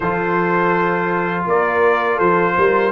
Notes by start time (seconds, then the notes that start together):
0.00 F3 F4 A4 C5
1.45 A#3 A#4 D5
2.16 F3 A4 C5
2.57 G3 A#4